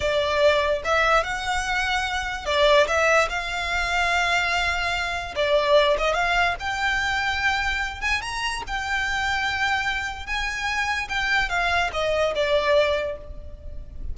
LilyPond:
\new Staff \with { instrumentName = "violin" } { \time 4/4 \tempo 4 = 146 d''2 e''4 fis''4~ | fis''2 d''4 e''4 | f''1~ | f''4 d''4. dis''8 f''4 |
g''2.~ g''8 gis''8 | ais''4 g''2.~ | g''4 gis''2 g''4 | f''4 dis''4 d''2 | }